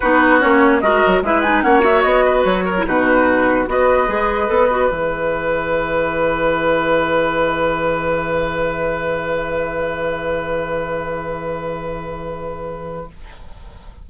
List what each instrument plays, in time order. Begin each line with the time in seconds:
0.00 bassoon B3, clarinet D#4, oboe F#4, flute B4
0.40 bassoon A#3, clarinet C#4, flute C#5
0.81 bassoon G#3, clarinet F#4, oboe A#4, flute D#5
1.06 bassoon F#3
1.22 bassoon G#3, clarinet E4, oboe B4, flute E5
1.42 clarinet D#4, flute G#5
1.62 bassoon A#3, clarinet C#4, oboe C#5, flute F#5
1.80 clarinet F#4, flute E5
2.02 bassoon B3, flute D#5
2.25 oboe B4
2.44 bassoon F#3, flute C#5
2.65 oboe A#4
2.78 clarinet E4
2.86 bassoon B2, clarinet D#4, oboe F#4, flute B4
3.67 bassoon B3, clarinet F#4, oboe B4, flute D#5
4.07 bassoon G#3, clarinet G#4
4.47 bassoon B3, clarinet A4
4.70 clarinet F#4
4.89 bassoon E3, clarinet G#4, flute E5